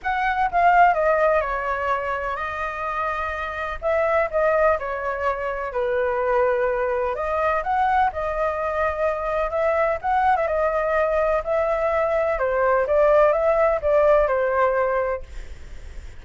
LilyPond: \new Staff \with { instrumentName = "flute" } { \time 4/4 \tempo 4 = 126 fis''4 f''4 dis''4 cis''4~ | cis''4 dis''2. | e''4 dis''4 cis''2 | b'2. dis''4 |
fis''4 dis''2. | e''4 fis''8. e''16 dis''2 | e''2 c''4 d''4 | e''4 d''4 c''2 | }